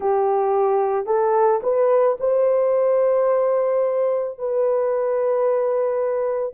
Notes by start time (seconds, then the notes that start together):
0.00 G4
1.06 A4
1.63 B4
2.20 C5
4.38 B4